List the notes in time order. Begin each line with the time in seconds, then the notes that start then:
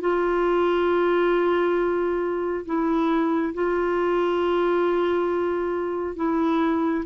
0.00 F4
2.65 E4
3.54 F4
6.16 E4